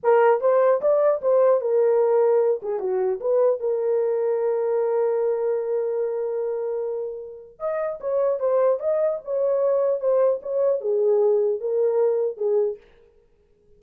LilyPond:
\new Staff \with { instrumentName = "horn" } { \time 4/4 \tempo 4 = 150 ais'4 c''4 d''4 c''4 | ais'2~ ais'8 gis'8 fis'4 | b'4 ais'2.~ | ais'1~ |
ais'2. dis''4 | cis''4 c''4 dis''4 cis''4~ | cis''4 c''4 cis''4 gis'4~ | gis'4 ais'2 gis'4 | }